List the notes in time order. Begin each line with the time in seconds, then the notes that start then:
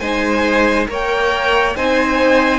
0.00 G#3 D#4 C5 G#5
0.88 A#3 A#4 C#5 G5
1.76 C4 D#4 C5 G#5